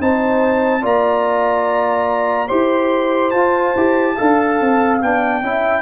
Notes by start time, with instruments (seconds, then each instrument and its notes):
0.00 tuba C4, trombone D#4, horn C5, trumpet A5
0.81 tuba A#3, trombone F4, horn D5, trumpet A#5
2.48 tuba E4, trombone G4, horn C5, trumpet C6
3.31 tuba F4, trombone F4, trumpet A5
3.75 tuba E4, trombone G4
4.15 tuba D4, trombone A4, horn F5
4.60 tuba C4
5.02 tuba B3, trombone D4, trumpet G5
5.42 tuba C#4, trombone E4, horn E5